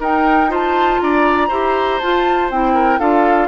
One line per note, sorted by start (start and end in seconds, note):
0.00 1.00 D#4
0.00 0.49 D#4
0.00 0.50 A#4
0.00 0.53 G5
0.49 1.49 F4
0.49 1.01 C5
0.49 1.02 A5
1.02 1.50 D4
1.02 1.48 D5
1.02 2.00 A#5
1.48 2.00 E4
1.48 2.01 G4
1.48 2.73 C5
2.00 2.51 F4
2.00 2.52 F4
2.00 2.50 A5
2.51 2.99 C4
2.51 3.00 E4
2.51 3.00 G5
2.74 2.99 A#4
2.99 3.48 D4
2.99 3.48 F4
2.99 3.48 A4
2.99 3.48 F5